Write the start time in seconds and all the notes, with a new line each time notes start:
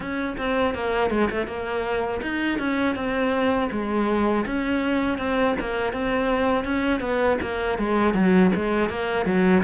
0.00 C#4
0.37 C4
0.74 A#3
1.10 G#3
1.30 A3
1.46 A#3
2.22 D#4
2.58 C#4
2.95 C4
3.71 G#3
4.45 C#4
5.18 C4
5.59 A#3
5.92 C4
6.64 C#4
7.00 B3
7.41 A#3
7.78 G#3
8.13 F#3
8.55 G#3
8.89 A#3
9.25 F#3